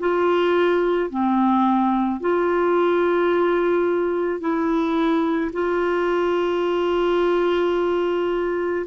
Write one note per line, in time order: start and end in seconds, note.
0.00 1.11 F4
1.11 2.21 C4
2.21 4.40 F4
4.40 5.52 E4
5.54 8.87 F4